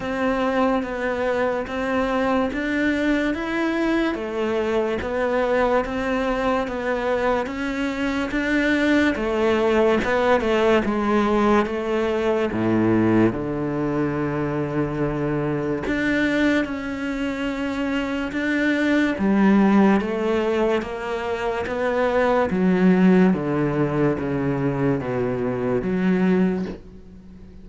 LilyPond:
\new Staff \with { instrumentName = "cello" } { \time 4/4 \tempo 4 = 72 c'4 b4 c'4 d'4 | e'4 a4 b4 c'4 | b4 cis'4 d'4 a4 | b8 a8 gis4 a4 a,4 |
d2. d'4 | cis'2 d'4 g4 | a4 ais4 b4 fis4 | d4 cis4 b,4 fis4 | }